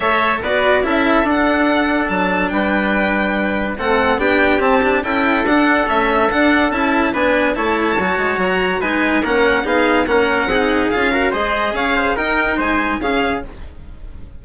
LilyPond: <<
  \new Staff \with { instrumentName = "violin" } { \time 4/4 \tempo 4 = 143 e''4 d''4 e''4 fis''4~ | fis''4 a''4 g''2~ | g''4 fis''4 g''4 a''4 | g''4 fis''4 e''4 fis''4 |
a''4 gis''4 a''2 | ais''4 gis''4 fis''4 f''4 | fis''2 f''4 dis''4 | f''4 g''4 gis''4 f''4 | }
  \new Staff \with { instrumentName = "trumpet" } { \time 4/4 cis''4 b'4 a'2~ | a'2 b'2~ | b'4 a'4 g'2 | a'1~ |
a'4 b'4 cis''2~ | cis''4 b'4 ais'4 gis'4 | ais'4 gis'4. ais'8 c''4 | cis''8 c''8 ais'4 c''4 gis'4 | }
  \new Staff \with { instrumentName = "cello" } { \time 4/4 a'4 fis'4 e'4 d'4~ | d'1~ | d'4 c'4 d'4 c'8 d'8 | e'4 d'4 cis'4 d'4 |
e'4 d'4 e'4 fis'4~ | fis'4 dis'4 cis'4 dis'4 | cis'4 dis'4 f'8 fis'8 gis'4~ | gis'4 dis'2 cis'4 | }
  \new Staff \with { instrumentName = "bassoon" } { \time 4/4 a4 b4 cis'4 d'4~ | d'4 fis4 g2~ | g4 a4 b4 c'4 | cis'4 d'4 a4 d'4 |
cis'4 b4 a4 fis8 gis8 | fis4 gis4 ais4 b4 | ais4 c'4 cis'4 gis4 | cis'4 dis'4 gis4 cis4 | }
>>